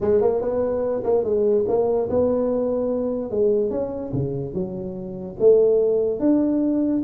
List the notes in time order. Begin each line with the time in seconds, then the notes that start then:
0.00 G#3
0.21 A#3
0.41 B3
1.03 A#3
1.24 G#3
1.68 A#3
2.09 B3
3.30 G#3
3.70 C#4
4.13 C#3
4.53 F#3
5.39 A3
6.19 D4